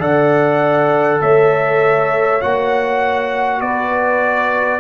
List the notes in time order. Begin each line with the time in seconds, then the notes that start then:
0.00 D3 A4 D5 F#5
1.21 A3 C#5 E5
2.41 A#3 F#4 F#5
3.61 B3 B4 D5